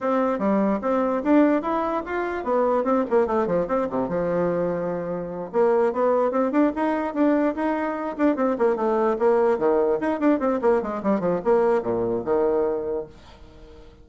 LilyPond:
\new Staff \with { instrumentName = "bassoon" } { \time 4/4 \tempo 4 = 147 c'4 g4 c'4 d'4 | e'4 f'4 b4 c'8 ais8 | a8 f8 c'8 c8 f2~ | f4. ais4 b4 c'8 |
d'8 dis'4 d'4 dis'4. | d'8 c'8 ais8 a4 ais4 dis8~ | dis8 dis'8 d'8 c'8 ais8 gis8 g8 f8 | ais4 ais,4 dis2 | }